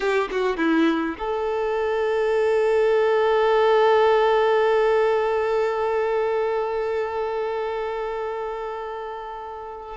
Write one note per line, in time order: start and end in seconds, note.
0.00 0.29 G4
0.31 0.57 F#4
0.57 1.16 E4
1.18 9.97 A4